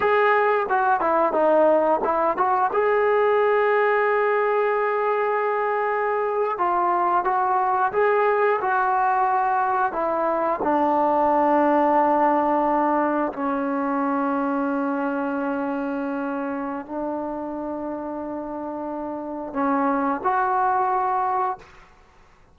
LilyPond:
\new Staff \with { instrumentName = "trombone" } { \time 4/4 \tempo 4 = 89 gis'4 fis'8 e'8 dis'4 e'8 fis'8 | gis'1~ | gis'4.~ gis'16 f'4 fis'4 gis'16~ | gis'8. fis'2 e'4 d'16~ |
d'2.~ d'8. cis'16~ | cis'1~ | cis'4 d'2.~ | d'4 cis'4 fis'2 | }